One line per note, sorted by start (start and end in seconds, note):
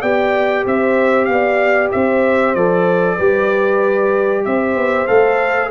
0.00 0.66 B3
0.00 2.56 G4
0.00 0.63 D5
0.00 0.65 G5
0.66 1.28 C4
0.66 1.29 C5
0.66 1.25 E5
1.25 1.92 B3
1.25 1.88 F5
1.32 1.93 D5
1.92 2.55 C4
1.92 3.16 C5
1.92 2.55 E5
2.55 3.18 F3
2.55 3.19 A4
2.55 4.44 D5
3.16 4.46 G3
3.16 5.07 G4
3.16 4.42 B4
4.45 4.75 C4
4.45 5.71 C5
4.45 5.07 E5
4.75 5.07 B3
5.07 5.71 A3
5.07 5.70 A4
5.07 5.70 F5